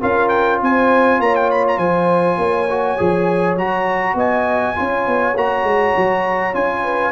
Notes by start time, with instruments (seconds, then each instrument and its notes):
0.00 tuba C#4, trombone F4, horn A#4, trumpet F5
0.29 trumpet G5
0.62 tuba C4, horn C5, trumpet G#5
1.19 tuba A#3, horn C#5, trumpet A#5
1.36 trumpet G5
1.51 trumpet B5
1.68 trumpet A#5
1.77 tuba F3, horn C5, trumpet G#5
2.38 tuba A#3, horn C#5
2.69 trombone F#4
2.98 tuba F3, trombone G#4
3.56 tuba F#3, trombone F#4, trumpet A#5
4.14 tuba B3, horn D#5, trumpet G#5
4.75 tuba C#4, trombone F4, horn C#5
5.07 tuba B3
5.35 tuba A#3, trombone F#4, trumpet A#5
5.63 tuba G#3
5.96 tuba F#3
6.53 tuba C#4, trombone F4, trumpet G#5
6.83 horn B4